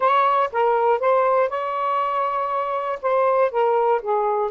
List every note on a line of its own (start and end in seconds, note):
0.00 0.50 C#5
0.52 0.99 A#4
0.99 1.49 C5
1.49 2.99 C#5
3.02 3.51 C5
3.51 4.01 A#4
4.02 4.50 G#4